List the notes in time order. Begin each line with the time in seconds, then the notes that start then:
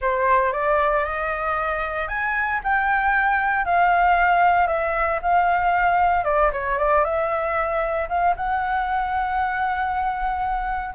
0.01 C5
0.52 D5
1.04 D#5
2.08 G#5
2.63 G5
3.65 F5
4.67 E5
5.22 F5
6.24 D5
6.52 C#5
6.78 D5
7.04 E5
8.08 F5
8.36 F#5